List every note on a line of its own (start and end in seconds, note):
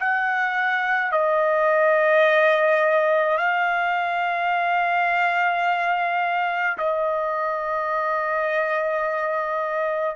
0.00 1.12 F#5
1.12 3.38 D#5
3.38 6.78 F5
6.78 10.16 D#5